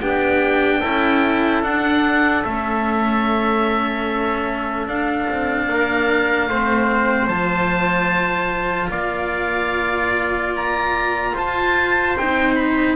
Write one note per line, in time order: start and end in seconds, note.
0.00 0.81 B3
0.00 0.83 D4
0.00 0.81 G4
0.00 1.63 G5
0.81 1.63 C#4
0.81 1.63 E4
0.81 5.67 A4
1.63 2.44 D4
1.63 2.44 F#5
2.44 4.87 A3
2.44 4.88 C#4
2.44 4.87 E5
4.87 5.27 D4
4.87 6.50 D4
4.87 7.28 F5
5.30 5.69 C4
5.69 6.48 A#3
5.69 6.49 A#4
6.48 7.27 A3
6.48 7.30 C4
6.48 8.91 C5
7.27 8.89 F3
7.27 12.17 F4
7.27 8.91 A5
8.90 11.33 A#3
8.90 11.34 D5
8.90 10.54 F5
10.57 11.37 A#5
11.34 12.18 F4
11.34 12.96 C5
11.34 12.18 A5
12.18 12.96 C4
12.18 12.96 D#4
12.18 12.55 G5
12.55 12.96 B5